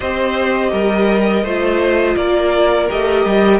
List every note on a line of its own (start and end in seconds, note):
0.00 0.72 C4
0.00 1.44 G4
0.00 0.70 C5
0.00 2.16 D#5
0.71 1.43 G3
0.71 1.43 A#4
1.43 2.15 A3
1.43 2.88 F4
1.43 2.16 C5
2.16 2.88 A#3
2.16 3.60 A#4
2.16 2.89 D5
2.88 3.25 A3
2.88 3.60 G4
2.88 3.60 D#5
3.25 3.60 G3